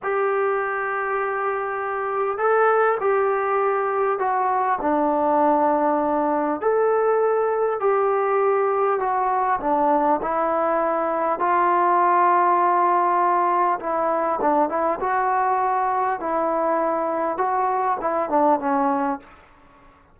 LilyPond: \new Staff \with { instrumentName = "trombone" } { \time 4/4 \tempo 4 = 100 g'1 | a'4 g'2 fis'4 | d'2. a'4~ | a'4 g'2 fis'4 |
d'4 e'2 f'4~ | f'2. e'4 | d'8 e'8 fis'2 e'4~ | e'4 fis'4 e'8 d'8 cis'4 | }